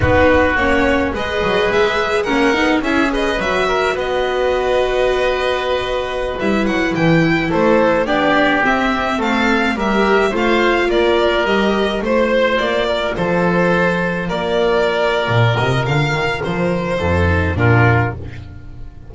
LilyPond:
<<
  \new Staff \with { instrumentName = "violin" } { \time 4/4 \tempo 4 = 106 b'4 cis''4 dis''4 e''4 | fis''4 e''8 dis''8 e''4 dis''4~ | dis''2.~ dis''16 e''8 fis''16~ | fis''16 g''4 c''4 d''4 e''8.~ |
e''16 f''4 e''4 f''4 d''8.~ | d''16 dis''4 c''4 d''4 c''8.~ | c''4~ c''16 d''2~ d''16 dis''8 | f''4 c''2 ais'4 | }
  \new Staff \with { instrumentName = "oboe" } { \time 4/4 fis'2 b'2 | ais'4 gis'8 b'4 ais'8 b'4~ | b'1~ | b'4~ b'16 a'4 g'4.~ g'16~ |
g'16 a'4 ais'4 c''4 ais'8.~ | ais'4~ ais'16 c''4. ais'8 a'8.~ | a'4~ a'16 ais'2~ ais'8.~ | ais'2 a'4 f'4 | }
  \new Staff \with { instrumentName = "viola" } { \time 4/4 dis'4 cis'4 gis'2 | cis'8 dis'8 e'8 gis'8 fis'2~ | fis'2.~ fis'16 e'8.~ | e'2~ e'16 d'4 c'8.~ |
c'4~ c'16 g'4 f'4.~ f'16~ | f'16 g'4 f'2~ f'8.~ | f'1~ | f'2~ f'8 dis'8 d'4 | }
  \new Staff \with { instrumentName = "double bass" } { \time 4/4 b4 ais4 gis8 fis8 gis4 | ais8 b8 cis'4 fis4 b4~ | b2.~ b16 g8 fis16~ | fis16 e4 a4 b4 c'8.~ |
c'16 a4 g4 a4 ais8.~ | ais16 g4 a4 ais4 f8.~ | f4~ f16 ais4.~ ais16 ais,8 c8 | d8 dis8 f4 f,4 ais,4 | }
>>